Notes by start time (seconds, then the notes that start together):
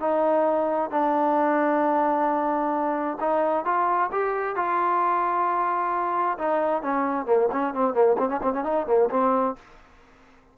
0.00 D#4
0.91 D4
3.20 D#4
3.65 F4
4.12 G4
4.56 F4
6.38 D#4
6.82 C#4
7.26 A#3
7.52 C#4
7.74 C4
7.94 A#3
8.18 C4
8.29 C#4
8.42 C4
8.53 C#4
8.64 D#4
8.87 A#3
9.10 C4